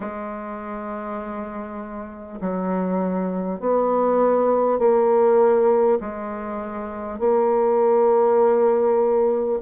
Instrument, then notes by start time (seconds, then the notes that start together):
bassoon
0.00 G#3
2.41 F#3
3.59 B3
4.78 A#3
6.00 G#3
7.19 A#3